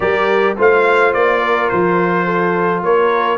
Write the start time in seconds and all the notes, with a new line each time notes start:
0.00 G3 G4 A#4 D5
0.56 A3 F4 C5 F5
1.13 A#3 D5
1.41 A#4
1.69 F3 C5
2.25 A4
2.82 A#3 A#4 C#5